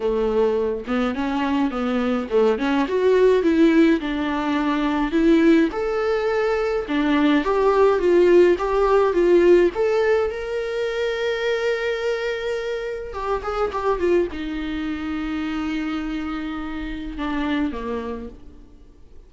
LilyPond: \new Staff \with { instrumentName = "viola" } { \time 4/4 \tempo 4 = 105 a4. b8 cis'4 b4 | a8 cis'8 fis'4 e'4 d'4~ | d'4 e'4 a'2 | d'4 g'4 f'4 g'4 |
f'4 a'4 ais'2~ | ais'2. g'8 gis'8 | g'8 f'8 dis'2.~ | dis'2 d'4 ais4 | }